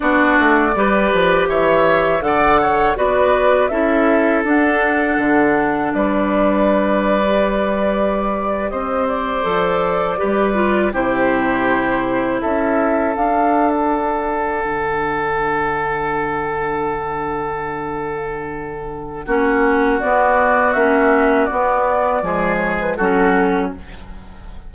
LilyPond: <<
  \new Staff \with { instrumentName = "flute" } { \time 4/4 \tempo 4 = 81 d''2 e''4 fis''4 | d''4 e''4 fis''2 | d''2.~ d''8. dis''16~ | dis''16 d''2~ d''8 c''4~ c''16~ |
c''8. e''4 f''8. fis''4.~ | fis''1~ | fis''2. d''4 | e''4 d''4. cis''16 b'16 a'4 | }
  \new Staff \with { instrumentName = "oboe" } { \time 4/4 fis'4 b'4 cis''4 d''8 cis''8 | b'4 a'2. | b'2.~ b'8. c''16~ | c''4.~ c''16 b'4 g'4~ g'16~ |
g'8. a'2.~ a'16~ | a'1~ | a'2 fis'2~ | fis'2 gis'4 fis'4 | }
  \new Staff \with { instrumentName = "clarinet" } { \time 4/4 d'4 g'2 a'4 | fis'4 e'4 d'2~ | d'4.~ d'16 g'2~ g'16~ | g'8. a'4 g'8 f'8 e'4~ e'16~ |
e'4.~ e'16 d'2~ d'16~ | d'1~ | d'2 cis'4 b4 | cis'4 b4 gis4 cis'4 | }
  \new Staff \with { instrumentName = "bassoon" } { \time 4/4 b8 a8 g8 f8 e4 d4 | b4 cis'4 d'4 d4 | g2.~ g8. c'16~ | c'8. f4 g4 c4~ c16~ |
c8. cis'4 d'2 d16~ | d1~ | d2 ais4 b4 | ais4 b4 f4 fis4 | }
>>